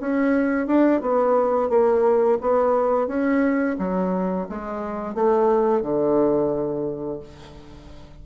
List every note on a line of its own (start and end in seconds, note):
0.00 0.67 C#4
0.67 1.01 D4
1.01 1.69 B3
1.69 2.38 A#3
2.41 3.07 B3
3.07 3.76 C#4
3.78 4.47 F#3
4.49 5.14 G#3
5.14 5.82 A3
5.82 7.19 D3